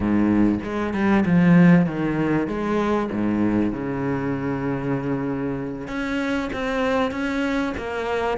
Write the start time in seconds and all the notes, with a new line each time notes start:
0.00 G#2
0.63 G#3
0.93 G3
1.25 F3
1.86 D#3
2.47 G#3
3.11 G#2
3.72 C#3
5.87 C#4
6.52 C4
7.11 C#4
7.77 A#3